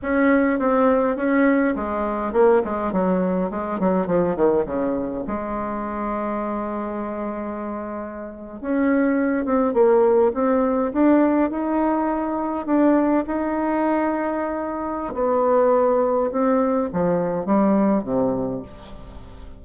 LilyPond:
\new Staff \with { instrumentName = "bassoon" } { \time 4/4 \tempo 4 = 103 cis'4 c'4 cis'4 gis4 | ais8 gis8 fis4 gis8 fis8 f8 dis8 | cis4 gis2.~ | gis2~ gis8. cis'4~ cis'16~ |
cis'16 c'8 ais4 c'4 d'4 dis'16~ | dis'4.~ dis'16 d'4 dis'4~ dis'16~ | dis'2 b2 | c'4 f4 g4 c4 | }